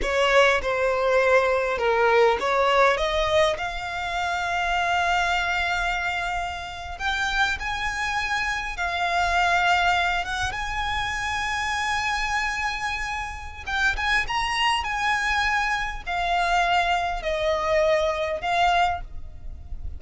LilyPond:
\new Staff \with { instrumentName = "violin" } { \time 4/4 \tempo 4 = 101 cis''4 c''2 ais'4 | cis''4 dis''4 f''2~ | f''2.~ f''8. g''16~ | g''8. gis''2 f''4~ f''16~ |
f''4~ f''16 fis''8 gis''2~ gis''16~ | gis''2. g''8 gis''8 | ais''4 gis''2 f''4~ | f''4 dis''2 f''4 | }